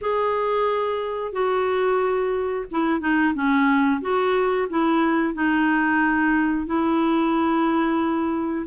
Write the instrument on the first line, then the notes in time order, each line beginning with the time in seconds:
clarinet
0.01 G#4
1.32 F#4
2.71 E4
3.00 D#4
3.34 C#4
4.01 F#4
4.69 E4
5.34 D#4
6.66 E4